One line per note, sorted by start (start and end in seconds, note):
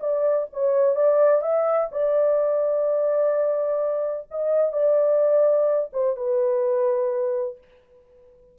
0.00 0.47 D5
0.53 0.96 C#5
0.96 1.42 D5
1.42 1.89 E5
1.92 4.28 D5
4.31 4.72 D#5
4.72 5.91 D5
5.93 6.16 C5
6.16 7.58 B4